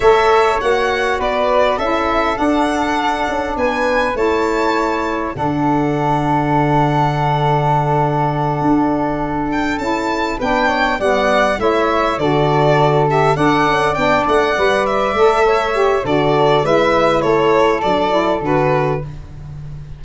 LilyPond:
<<
  \new Staff \with { instrumentName = "violin" } { \time 4/4 \tempo 4 = 101 e''4 fis''4 d''4 e''4 | fis''2 gis''4 a''4~ | a''4 fis''2.~ | fis''1 |
g''8 a''4 g''4 fis''4 e''8~ | e''8 d''4. e''8 fis''4 g''8 | fis''4 e''2 d''4 | e''4 cis''4 d''4 b'4 | }
  \new Staff \with { instrumentName = "flute" } { \time 4/4 cis''2 b'4 a'4~ | a'2 b'4 cis''4~ | cis''4 a'2.~ | a'1~ |
a'4. b'8 cis''8 d''4 cis''8~ | cis''8 a'2 d''4.~ | d''2 cis''4 a'4 | b'4 a'2. | }
  \new Staff \with { instrumentName = "saxophone" } { \time 4/4 a'4 fis'2 e'4 | d'2. e'4~ | e'4 d'2.~ | d'1~ |
d'8 e'4 d'4 b4 e'8~ | e'8 fis'4. g'8 a'4 d'8~ | d'8 b'4 a'4 g'8 fis'4 | e'2 d'8 e'8 fis'4 | }
  \new Staff \with { instrumentName = "tuba" } { \time 4/4 a4 ais4 b4 cis'4 | d'4. cis'8 b4 a4~ | a4 d2.~ | d2~ d8 d'4.~ |
d'8 cis'4 b4 g4 a8~ | a8 d2 d'8 cis'8 b8 | a8 g4 a4. d4 | gis4 a4 fis4 d4 | }
>>